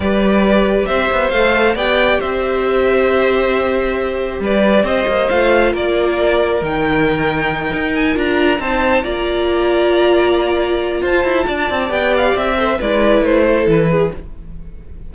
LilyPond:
<<
  \new Staff \with { instrumentName = "violin" } { \time 4/4 \tempo 4 = 136 d''2 e''4 f''4 | g''4 e''2.~ | e''2 d''4 dis''4 | f''4 d''2 g''4~ |
g''2 gis''8 ais''4 a''8~ | a''8 ais''2.~ ais''8~ | ais''4 a''2 g''8 f''8 | e''4 d''4 c''4 b'4 | }
  \new Staff \with { instrumentName = "violin" } { \time 4/4 b'2 c''2 | d''4 c''2.~ | c''2 b'4 c''4~ | c''4 ais'2.~ |
ais'2.~ ais'8 c''8~ | c''8 d''2.~ d''8~ | d''4 c''4 d''2~ | d''8 c''8 b'4. a'4 gis'8 | }
  \new Staff \with { instrumentName = "viola" } { \time 4/4 g'2. a'4 | g'1~ | g'1 | f'2. dis'4~ |
dis'2~ dis'8 f'4 dis'8~ | dis'8 f'2.~ f'8~ | f'2. g'4~ | g'8 a'8 e'2. | }
  \new Staff \with { instrumentName = "cello" } { \time 4/4 g2 c'8 b8 a4 | b4 c'2.~ | c'2 g4 c'8 ais8 | a4 ais2 dis4~ |
dis4. dis'4 d'4 c'8~ | c'8 ais2.~ ais8~ | ais4 f'8 e'8 d'8 c'8 b4 | c'4 gis4 a4 e4 | }
>>